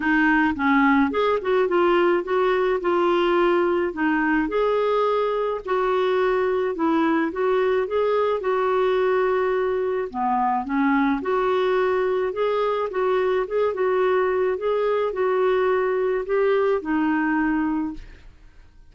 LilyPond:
\new Staff \with { instrumentName = "clarinet" } { \time 4/4 \tempo 4 = 107 dis'4 cis'4 gis'8 fis'8 f'4 | fis'4 f'2 dis'4 | gis'2 fis'2 | e'4 fis'4 gis'4 fis'4~ |
fis'2 b4 cis'4 | fis'2 gis'4 fis'4 | gis'8 fis'4. gis'4 fis'4~ | fis'4 g'4 dis'2 | }